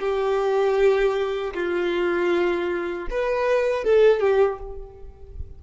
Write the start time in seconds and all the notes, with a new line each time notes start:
0.00 G4
1.54 F4
3.11 B4
3.84 A4
4.20 G4